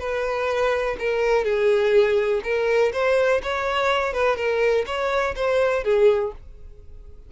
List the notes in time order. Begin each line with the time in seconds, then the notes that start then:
0.00 B4
1.00 A#4
1.45 G#4
2.44 A#4
2.93 C5
3.43 C#5
4.13 B4
4.37 A#4
4.87 C#5
5.36 C5
5.84 G#4